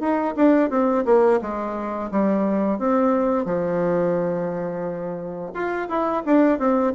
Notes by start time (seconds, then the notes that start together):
0.00 D#4
0.36 D4
0.70 C4
1.06 A#3
1.42 G#3
2.11 G3
2.79 C4
3.45 F3
5.54 F4
5.89 E4
6.26 D4
6.59 C4